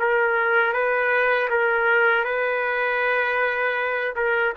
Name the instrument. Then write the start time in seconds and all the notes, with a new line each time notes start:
trumpet
0.00 A#4
0.74 B4
1.50 A#4
2.25 B4
4.16 A#4